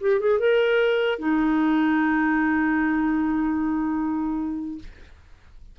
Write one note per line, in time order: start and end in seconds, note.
0.00 0.20 G4
0.20 0.39 G#4
0.39 1.18 A#4
1.18 4.78 D#4